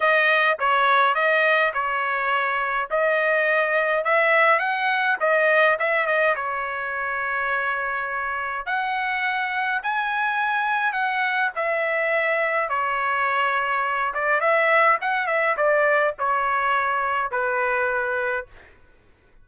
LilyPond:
\new Staff \with { instrumentName = "trumpet" } { \time 4/4 \tempo 4 = 104 dis''4 cis''4 dis''4 cis''4~ | cis''4 dis''2 e''4 | fis''4 dis''4 e''8 dis''8 cis''4~ | cis''2. fis''4~ |
fis''4 gis''2 fis''4 | e''2 cis''2~ | cis''8 d''8 e''4 fis''8 e''8 d''4 | cis''2 b'2 | }